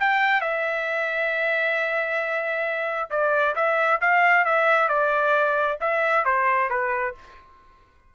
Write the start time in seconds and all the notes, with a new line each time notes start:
0.00 G5
0.41 E5
3.10 D5
3.56 E5
4.01 F5
4.45 E5
4.89 D5
5.81 E5
6.25 C5
6.70 B4